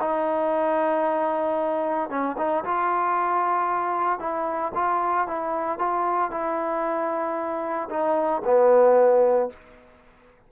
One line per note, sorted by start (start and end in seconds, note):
0.00 2.10 D#4
2.10 2.36 C#4
2.38 2.64 D#4
2.65 4.19 F4
4.19 4.72 E4
4.75 5.27 F4
5.27 5.79 E4
5.79 6.31 F4
6.31 7.89 E4
7.90 8.42 D#4
8.44 9.50 B3